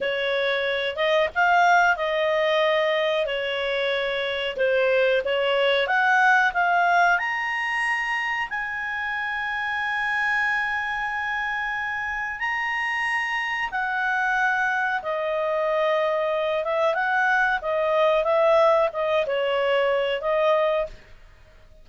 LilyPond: \new Staff \with { instrumentName = "clarinet" } { \time 4/4 \tempo 4 = 92 cis''4. dis''8 f''4 dis''4~ | dis''4 cis''2 c''4 | cis''4 fis''4 f''4 ais''4~ | ais''4 gis''2.~ |
gis''2. ais''4~ | ais''4 fis''2 dis''4~ | dis''4. e''8 fis''4 dis''4 | e''4 dis''8 cis''4. dis''4 | }